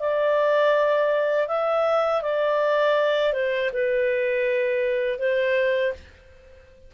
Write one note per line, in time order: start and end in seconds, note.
0.00 1.48 D5
1.48 2.22 E5
2.22 3.33 D5
3.33 3.70 C5
3.73 5.19 B4
5.19 5.93 C5